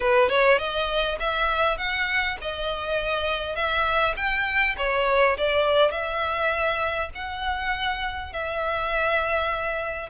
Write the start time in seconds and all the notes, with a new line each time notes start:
0.00 B4
0.29 C#5
0.58 D#5
1.19 E5
1.77 F#5
2.41 D#5
3.55 E5
4.16 G5
4.77 C#5
5.37 D5
5.91 E5
7.14 F#5
8.32 E5